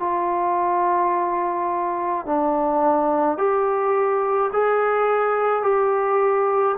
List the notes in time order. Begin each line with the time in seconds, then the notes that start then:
0.00 F4
2.26 D4
3.38 G4
4.53 G#4
5.63 G4